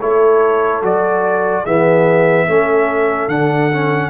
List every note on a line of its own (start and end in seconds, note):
0.00 0.83 A3
0.00 0.82 E4
0.00 1.62 A4
0.00 0.82 C#5
0.82 1.65 F#3
0.82 1.65 F#4
0.82 1.65 D5
1.62 2.48 E3
1.62 2.48 B3
1.62 2.44 G#4
1.62 3.29 E5
2.47 3.27 A3
2.47 3.29 C#4
2.47 4.10 A4
3.27 4.10 D3
3.27 3.71 D4
3.27 4.10 F#5
3.71 4.10 C#4